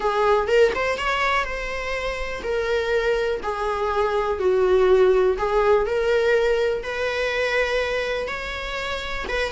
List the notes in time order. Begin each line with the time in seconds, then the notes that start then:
0.00 G#4
0.47 A#4
0.75 C5
0.98 C#5
1.44 C5
2.43 A#4
3.42 G#4
4.39 F#4
5.38 G#4
5.85 A#4
6.83 B4
8.27 C#5
9.28 B4